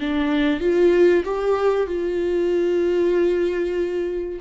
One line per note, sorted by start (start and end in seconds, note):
0.00 0.60 D4
0.60 1.23 F4
1.24 1.87 G4
1.87 4.40 F4